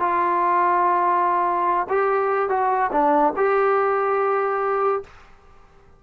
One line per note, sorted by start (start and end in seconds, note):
0.00 1.87 F4
1.90 2.50 G4
2.50 2.91 F#4
2.92 3.34 D4
3.37 5.03 G4